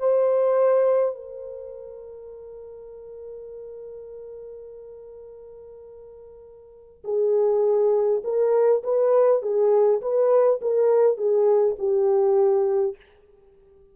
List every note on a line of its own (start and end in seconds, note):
0.00 1.16 C5
1.16 7.04 A#4
7.05 8.22 G#4
8.24 8.83 A#4
8.84 9.43 B4
9.43 10.02 G#4
10.02 10.60 B4
10.62 11.18 A#4
11.18 11.77 G#4
11.79 12.97 G4